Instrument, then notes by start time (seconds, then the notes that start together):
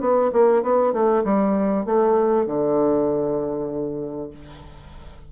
bassoon
0.00 B3
0.32 A#3
0.62 B3
0.92 A3
1.24 G3
1.85 A3
2.46 D3